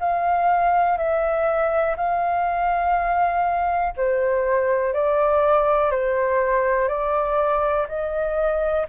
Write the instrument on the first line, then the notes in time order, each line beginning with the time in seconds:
flute
0.00 F5
0.98 E5
1.97 F5
3.97 C5
4.94 D5
5.92 C5
6.89 D5
7.89 D#5